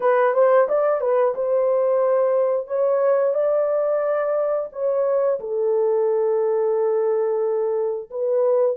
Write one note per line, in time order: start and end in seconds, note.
0.00 0.33 B4
0.33 0.67 C5
0.68 1.01 D5
1.01 1.34 B4
1.35 2.67 C5
2.67 3.34 C#5
3.34 4.69 D5
4.72 5.39 C#5
5.40 8.09 A4
8.10 8.76 B4